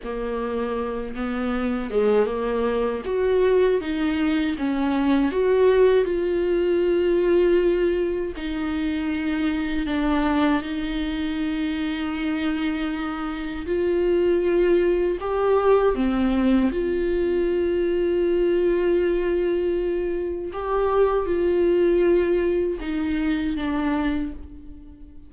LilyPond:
\new Staff \with { instrumentName = "viola" } { \time 4/4 \tempo 4 = 79 ais4. b4 gis8 ais4 | fis'4 dis'4 cis'4 fis'4 | f'2. dis'4~ | dis'4 d'4 dis'2~ |
dis'2 f'2 | g'4 c'4 f'2~ | f'2. g'4 | f'2 dis'4 d'4 | }